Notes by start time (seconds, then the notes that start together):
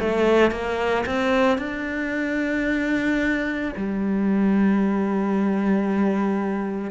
0.00 A3
0.52 A#3
1.06 C4
1.59 D4
3.77 G3